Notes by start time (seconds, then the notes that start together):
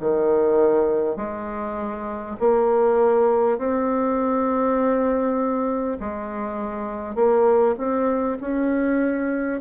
0.00 D#3
1.16 G#3
2.39 A#3
3.58 C4
6.00 G#3
7.15 A#3
7.77 C4
8.41 C#4